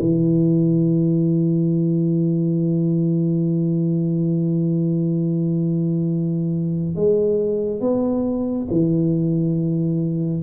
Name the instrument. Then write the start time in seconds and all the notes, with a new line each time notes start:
tuba
0.00 E3
6.95 G#3
7.81 B3
8.70 E3